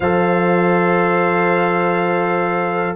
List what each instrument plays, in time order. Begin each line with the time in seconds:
0.00 tuba F3, trombone A4, horn C5, trumpet F5